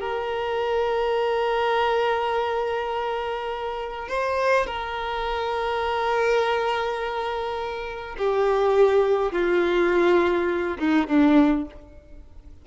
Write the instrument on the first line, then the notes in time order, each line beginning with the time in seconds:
violin
0.00 A#4
4.08 C5
4.66 A#4
8.17 G4
9.32 F4
10.79 D#4
11.07 D4